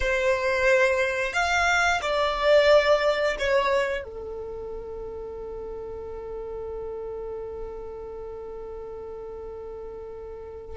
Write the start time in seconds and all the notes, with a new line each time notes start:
0.00 C5
1.33 F5
2.01 D5
3.38 C#5
4.03 A4